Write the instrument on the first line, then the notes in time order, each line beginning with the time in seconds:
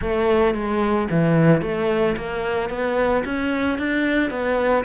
cello
0.01 A3
0.54 G#3
1.10 E3
1.61 A3
2.16 A#3
2.69 B3
3.24 C#4
3.78 D4
4.30 B3